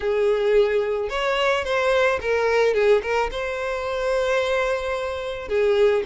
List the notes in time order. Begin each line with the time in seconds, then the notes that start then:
0.00 G#4
1.09 C#5
1.64 C5
2.21 A#4
2.74 G#4
3.02 A#4
3.31 C5
5.48 G#4